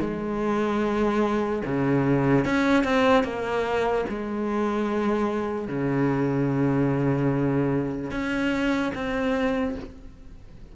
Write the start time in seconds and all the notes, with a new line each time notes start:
0.00 G#3
1.65 C#3
2.45 C#4
2.83 C4
3.24 A#3
4.09 G#3
5.68 C#3
8.11 C#4
8.94 C4